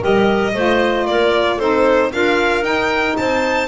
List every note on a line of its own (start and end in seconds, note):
0.00 0.54 G3
0.00 0.53 G4
0.00 0.53 A#4
0.00 1.06 D#5
0.54 1.06 A3
0.54 1.60 F4
0.54 1.07 C5
1.06 1.59 A#3
1.06 1.57 A#4
1.06 1.59 D5
1.57 2.12 C4
1.57 2.12 D#4
1.57 2.09 A4
1.57 2.12 C5
2.12 2.62 D4
2.12 2.62 F4
2.12 3.18 A#4
2.12 2.64 F5
2.62 3.14 D#4
2.62 3.67 D#4
2.62 3.16 G5
3.17 3.68 C4
3.17 3.68 C5
3.17 3.68 A5